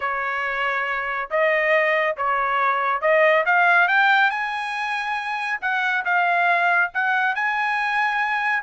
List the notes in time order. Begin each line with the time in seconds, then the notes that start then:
0.00 C#5
1.30 D#5
2.16 C#5
3.01 D#5
3.45 F5
3.88 G5
4.30 G#5
5.61 F#5
6.05 F5
6.94 F#5
7.35 G#5